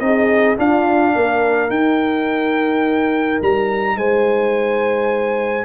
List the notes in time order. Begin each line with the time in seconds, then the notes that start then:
0.00 C4 D#4 G#4 D#5
0.58 D4 F4 F5
1.15 A#3 A#4
1.69 D#4 G5
3.42 G3 A#5
3.96 G#3 C5 G#5